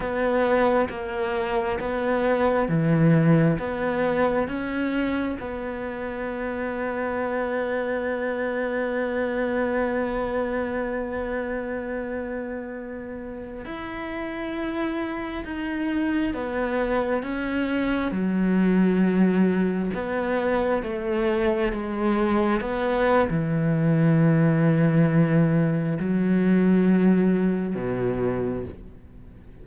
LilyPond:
\new Staff \with { instrumentName = "cello" } { \time 4/4 \tempo 4 = 67 b4 ais4 b4 e4 | b4 cis'4 b2~ | b1~ | b2.~ b16 e'8.~ |
e'4~ e'16 dis'4 b4 cis'8.~ | cis'16 fis2 b4 a8.~ | a16 gis4 b8. e2~ | e4 fis2 b,4 | }